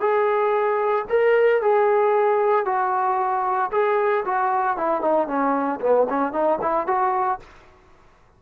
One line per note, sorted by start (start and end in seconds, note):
0.00 1.05 G#4
1.09 1.62 A#4
1.62 2.65 G#4
2.65 3.71 F#4
3.71 4.24 G#4
4.25 4.77 F#4
4.77 5.01 E4
5.01 5.27 D#4
5.27 5.80 C#4
5.80 6.07 B3
6.09 6.32 C#4
6.32 6.59 D#4
6.61 6.87 E4
6.87 7.39 F#4